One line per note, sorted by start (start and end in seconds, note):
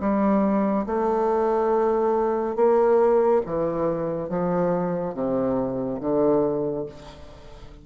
0.00 0.86 G3
0.86 2.56 A3
2.56 3.41 A#3
3.46 4.29 E3
4.29 5.14 F3
5.14 6.00 C3
6.00 6.86 D3